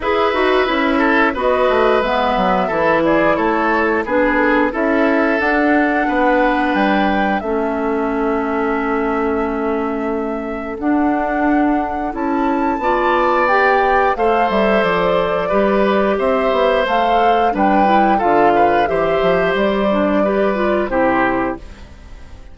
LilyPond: <<
  \new Staff \with { instrumentName = "flute" } { \time 4/4 \tempo 4 = 89 e''2 dis''4 e''4~ | e''8 d''8 cis''4 b'8 a'8 e''4 | fis''2 g''4 e''4~ | e''1 |
fis''2 a''2 | g''4 f''8 e''8 d''2 | e''4 f''4 g''4 f''4 | e''4 d''2 c''4 | }
  \new Staff \with { instrumentName = "oboe" } { \time 4/4 b'4. a'8 b'2 | a'8 gis'8 a'4 gis'4 a'4~ | a'4 b'2 a'4~ | a'1~ |
a'2. d''4~ | d''4 c''2 b'4 | c''2 b'4 a'8 b'8 | c''2 b'4 g'4 | }
  \new Staff \with { instrumentName = "clarinet" } { \time 4/4 gis'8 fis'8 e'4 fis'4 b4 | e'2 d'4 e'4 | d'2. cis'4~ | cis'1 |
d'2 e'4 f'4 | g'4 a'2 g'4~ | g'4 a'4 d'8 e'8 f'4 | g'4. d'8 g'8 f'8 e'4 | }
  \new Staff \with { instrumentName = "bassoon" } { \time 4/4 e'8 dis'8 cis'4 b8 a8 gis8 fis8 | e4 a4 b4 cis'4 | d'4 b4 g4 a4~ | a1 |
d'2 cis'4 b4~ | b4 a8 g8 f4 g4 | c'8 b8 a4 g4 d4 | e8 f8 g2 c4 | }
>>